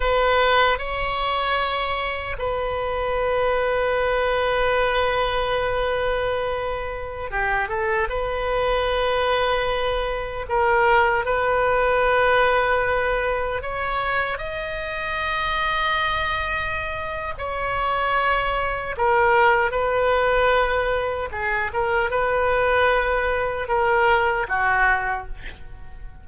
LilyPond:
\new Staff \with { instrumentName = "oboe" } { \time 4/4 \tempo 4 = 76 b'4 cis''2 b'4~ | b'1~ | b'4~ b'16 g'8 a'8 b'4.~ b'16~ | b'4~ b'16 ais'4 b'4.~ b'16~ |
b'4~ b'16 cis''4 dis''4.~ dis''16~ | dis''2 cis''2 | ais'4 b'2 gis'8 ais'8 | b'2 ais'4 fis'4 | }